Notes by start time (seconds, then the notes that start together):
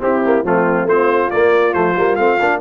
0.00 C4 E4 G4
0.25 A#3
0.44 F3 A3 C4 F4
0.84 A3 C4 F4 C5
1.31 A#3 D5
1.74 F3 A3 C5
1.97 G3 A#3
2.16 A3 C4 F5
2.41 A#3 D4